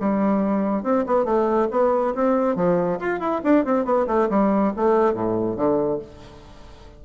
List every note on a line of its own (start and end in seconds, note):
0.00 0.83 G3
0.83 1.05 C4
1.06 1.25 B3
1.25 1.68 A3
1.71 2.14 B3
2.15 2.55 C4
2.55 2.99 F3
2.99 3.20 F4
3.20 3.41 E4
3.44 3.65 D4
3.65 3.85 C4
3.85 4.06 B3
4.07 4.28 A3
4.29 4.73 G3
4.76 5.13 A3
5.13 5.56 A2
5.56 5.99 D3